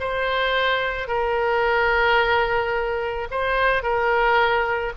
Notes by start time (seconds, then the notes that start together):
0.00 C5
1.08 A#4
3.31 C5
3.83 A#4